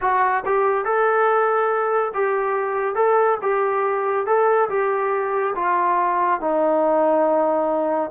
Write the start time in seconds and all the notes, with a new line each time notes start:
0.01 F#4
0.45 G4
0.84 A4
2.14 G4
2.95 A4
3.42 G4
4.26 A4
4.69 G4
5.55 F4
6.40 D#4